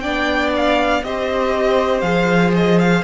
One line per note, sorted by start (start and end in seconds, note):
0.00 1.03 B3
0.00 1.02 D4
0.00 1.02 D5
0.00 0.50 G5
0.56 1.03 F5
1.03 2.02 C4
1.03 2.03 G4
1.03 3.03 C5
1.03 2.00 D#5
2.00 3.02 F3
2.00 3.03 G#4
2.00 2.50 F5
2.55 2.79 D#5
2.79 3.03 F5